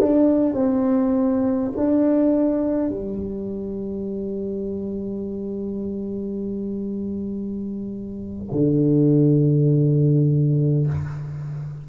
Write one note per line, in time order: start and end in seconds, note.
0.00 0.53 D4
0.53 1.71 C4
1.76 2.89 D4
2.89 8.48 G3
8.51 10.87 D3